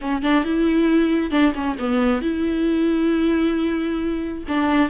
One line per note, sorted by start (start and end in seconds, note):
0.01 0.22 C#4
0.22 0.44 D4
0.44 1.30 E4
1.30 1.53 D4
1.54 1.77 C#4
1.78 2.21 B3
2.21 4.44 E4
4.48 4.89 D4